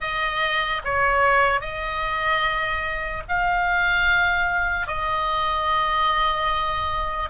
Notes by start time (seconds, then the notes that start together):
0.00 D#5
0.84 C#5
1.60 D#5
3.28 F5
4.86 D#5